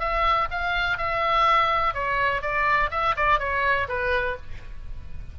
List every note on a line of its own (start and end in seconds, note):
0.00 0.48 E5
0.51 0.98 F5
0.98 1.94 E5
1.94 2.42 C#5
2.42 2.90 D5
2.91 3.15 E5
3.16 3.39 D5
3.39 3.88 C#5
3.89 4.37 B4